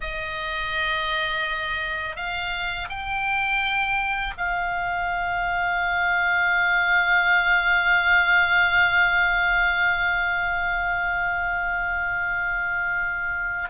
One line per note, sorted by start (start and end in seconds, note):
0.00 2.16 D#5
2.16 2.88 F5
2.89 4.33 G5
4.37 13.69 F5